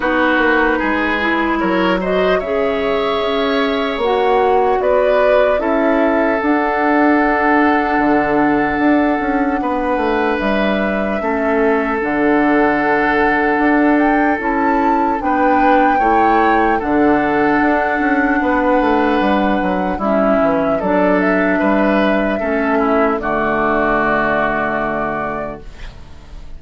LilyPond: <<
  \new Staff \with { instrumentName = "flute" } { \time 4/4 \tempo 4 = 75 b'2 cis''8 dis''8 e''4~ | e''4 fis''4 d''4 e''4 | fis''1~ | fis''4 e''2 fis''4~ |
fis''4. g''8 a''4 g''4~ | g''4 fis''2.~ | fis''4 e''4 d''8 e''4.~ | e''4 d''2. | }
  \new Staff \with { instrumentName = "oboe" } { \time 4/4 fis'4 gis'4 ais'8 c''8 cis''4~ | cis''2 b'4 a'4~ | a'1 | b'2 a'2~ |
a'2. b'4 | cis''4 a'2 b'4~ | b'4 e'4 a'4 b'4 | a'8 e'8 fis'2. | }
  \new Staff \with { instrumentName = "clarinet" } { \time 4/4 dis'4. e'4 fis'8 gis'4~ | gis'4 fis'2 e'4 | d'1~ | d'2 cis'4 d'4~ |
d'2 e'4 d'4 | e'4 d'2.~ | d'4 cis'4 d'2 | cis'4 a2. | }
  \new Staff \with { instrumentName = "bassoon" } { \time 4/4 b8 ais8 gis4 fis4 cis4 | cis'4 ais4 b4 cis'4 | d'2 d4 d'8 cis'8 | b8 a8 g4 a4 d4~ |
d4 d'4 cis'4 b4 | a4 d4 d'8 cis'8 b8 a8 | g8 fis8 g8 e8 fis4 g4 | a4 d2. | }
>>